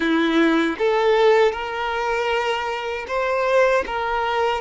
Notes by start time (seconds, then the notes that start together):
0.00 E4
0.78 A4
1.52 A#4
3.07 C5
3.86 A#4